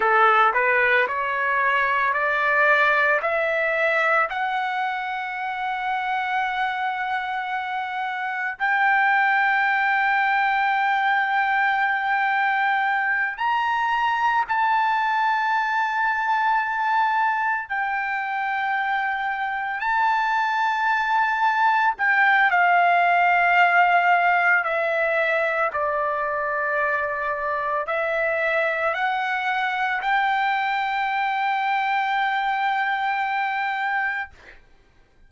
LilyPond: \new Staff \with { instrumentName = "trumpet" } { \time 4/4 \tempo 4 = 56 a'8 b'8 cis''4 d''4 e''4 | fis''1 | g''1~ | g''8 ais''4 a''2~ a''8~ |
a''8 g''2 a''4.~ | a''8 g''8 f''2 e''4 | d''2 e''4 fis''4 | g''1 | }